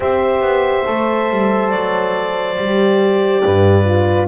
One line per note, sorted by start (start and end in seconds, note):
0.00 0.40 C4
0.00 0.86 G4
0.00 3.43 C5
0.00 1.69 E5
0.40 0.83 B3
0.86 1.30 A3
0.86 2.57 A4
1.30 1.71 G3
1.69 2.57 F#3
1.69 4.26 D5
2.57 3.43 G3
2.57 3.84 G4
3.43 4.27 G2
3.43 4.27 B4
3.84 4.27 F4